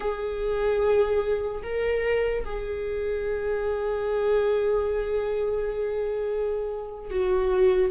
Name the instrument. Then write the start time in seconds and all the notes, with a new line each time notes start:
viola
0.00 G#4
1.63 A#4
2.44 G#4
7.10 F#4